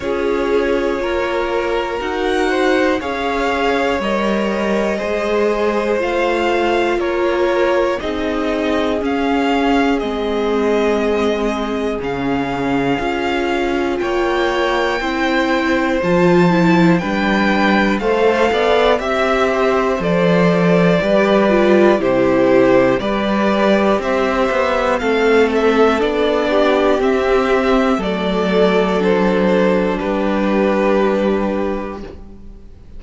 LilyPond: <<
  \new Staff \with { instrumentName = "violin" } { \time 4/4 \tempo 4 = 60 cis''2 fis''4 f''4 | dis''2 f''4 cis''4 | dis''4 f''4 dis''2 | f''2 g''2 |
a''4 g''4 f''4 e''4 | d''2 c''4 d''4 | e''4 f''8 e''8 d''4 e''4 | d''4 c''4 b'2 | }
  \new Staff \with { instrumentName = "violin" } { \time 4/4 gis'4 ais'4. c''8 cis''4~ | cis''4 c''2 ais'4 | gis'1~ | gis'2 cis''4 c''4~ |
c''4 b'4 c''8 d''8 e''8 c''8~ | c''4 b'4 g'4 b'4 | c''4 a'4. g'4. | a'2 g'2 | }
  \new Staff \with { instrumentName = "viola" } { \time 4/4 f'2 fis'4 gis'4 | ais'4 gis'4 f'2 | dis'4 cis'4 c'2 | cis'4 f'2 e'4 |
f'8 e'8 d'4 a'4 g'4 | a'4 g'8 f'8 e'4 g'4~ | g'4 c'4 d'4 c'4 | a4 d'2. | }
  \new Staff \with { instrumentName = "cello" } { \time 4/4 cis'4 ais4 dis'4 cis'4 | g4 gis4 a4 ais4 | c'4 cis'4 gis2 | cis4 cis'4 ais4 c'4 |
f4 g4 a8 b8 c'4 | f4 g4 c4 g4 | c'8 b8 a4 b4 c'4 | fis2 g2 | }
>>